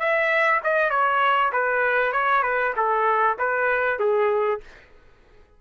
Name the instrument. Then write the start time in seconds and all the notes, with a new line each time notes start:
trumpet
0.00 E5
0.64 D#5
0.91 C#5
1.53 B4
2.13 C#5
2.44 B4
2.77 A4
3.39 B4
4.00 G#4